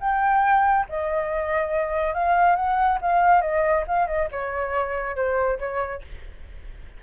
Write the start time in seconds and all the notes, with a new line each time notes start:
0.00 G5
0.89 D#5
2.14 F5
2.56 F#5
3.01 F5
3.41 D#5
3.87 F5
4.07 D#5
4.31 C#5
5.16 C5
5.59 C#5